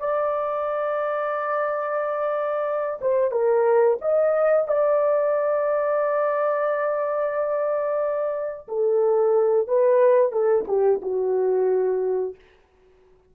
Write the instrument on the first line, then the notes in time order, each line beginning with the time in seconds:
horn
0.00 D5
3.02 C5
3.32 A#4
4.02 D#5
4.68 D5
8.69 A4
9.68 B4
10.32 A4
10.68 G4
11.03 F#4